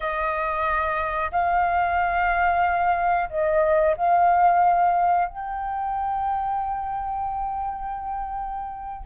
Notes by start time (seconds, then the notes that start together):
0.00 D#5
1.31 F5
3.29 D#5
3.96 F5
5.28 G5